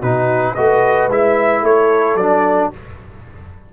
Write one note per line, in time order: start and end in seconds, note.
0.00 0.57 B2
0.00 0.56 D#4
0.00 0.54 F#4
0.00 0.55 B4
0.55 1.09 A3
0.55 1.11 F#4
0.55 1.63 B4
0.55 1.09 D#5
1.09 1.62 G#3
1.09 2.19 E4
1.09 1.66 E5
1.62 2.15 A3
1.62 2.72 A4
1.62 2.17 C#5
2.15 2.69 F#3
2.15 2.74 D4
2.15 2.71 D5